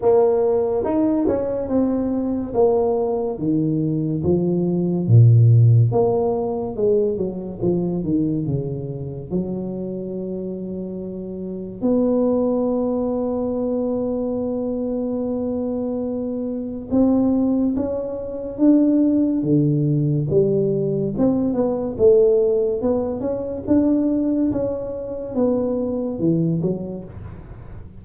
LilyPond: \new Staff \with { instrumentName = "tuba" } { \time 4/4 \tempo 4 = 71 ais4 dis'8 cis'8 c'4 ais4 | dis4 f4 ais,4 ais4 | gis8 fis8 f8 dis8 cis4 fis4~ | fis2 b2~ |
b1 | c'4 cis'4 d'4 d4 | g4 c'8 b8 a4 b8 cis'8 | d'4 cis'4 b4 e8 fis8 | }